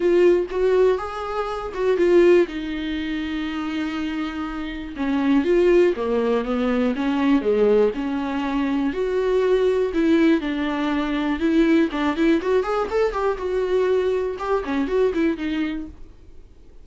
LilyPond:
\new Staff \with { instrumentName = "viola" } { \time 4/4 \tempo 4 = 121 f'4 fis'4 gis'4. fis'8 | f'4 dis'2.~ | dis'2 cis'4 f'4 | ais4 b4 cis'4 gis4 |
cis'2 fis'2 | e'4 d'2 e'4 | d'8 e'8 fis'8 gis'8 a'8 g'8 fis'4~ | fis'4 g'8 cis'8 fis'8 e'8 dis'4 | }